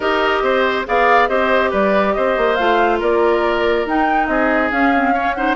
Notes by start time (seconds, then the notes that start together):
0.00 D#4 G4 A#4 D#5
0.42 C4 C5
0.86 B3 G#4 D5 F5
1.28 C4 G4 C5 D#5
1.70 G3 B4 D5
2.13 C4 C5 D#5
2.37 A#3
2.55 A3 F4 F5
2.99 A#3 A#4 D5
3.85 D#4 G5
4.26 C4 G#4 D#5
4.71 C#4 F5
4.95 C4
5.13 C#4 C#5
5.33 D#4 C5 F#5